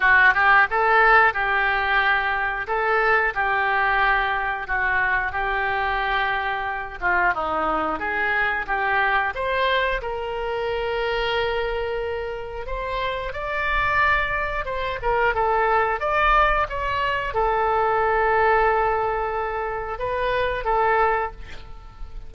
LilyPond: \new Staff \with { instrumentName = "oboe" } { \time 4/4 \tempo 4 = 90 fis'8 g'8 a'4 g'2 | a'4 g'2 fis'4 | g'2~ g'8 f'8 dis'4 | gis'4 g'4 c''4 ais'4~ |
ais'2. c''4 | d''2 c''8 ais'8 a'4 | d''4 cis''4 a'2~ | a'2 b'4 a'4 | }